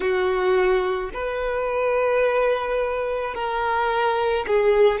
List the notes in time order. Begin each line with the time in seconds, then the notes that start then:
0.00 F#4
1.13 B4
3.34 A#4
4.47 G#4